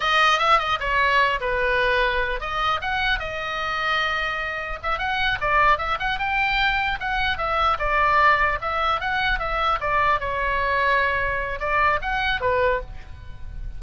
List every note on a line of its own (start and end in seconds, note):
0.00 0.39 D#5
0.39 0.58 E5
0.58 0.78 D#5
0.79 1.39 C#5
1.40 2.40 B4
2.40 2.80 D#5
2.81 3.19 F#5
3.19 4.79 D#5
4.82 4.98 E5
4.98 5.38 F#5
5.41 5.78 D5
5.78 5.98 E5
5.99 6.18 F#5
6.18 6.98 G5
6.99 7.37 F#5
7.37 7.77 E5
7.79 8.59 D5
8.61 9.00 E5
9.00 9.39 F#5
9.39 9.79 E5
9.80 10.20 D5
10.20 11.59 C#5
11.59 11.99 D5
12.01 12.41 F#5
12.41 12.81 B4